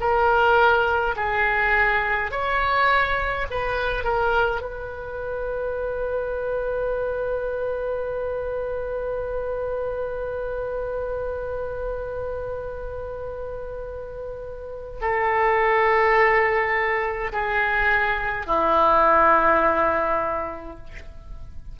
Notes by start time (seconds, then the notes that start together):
0.00 A#4
1.16 G#4
2.31 C#5
3.51 B4
4.04 A#4
4.62 B4
15.02 A4
17.33 G#4
18.47 E4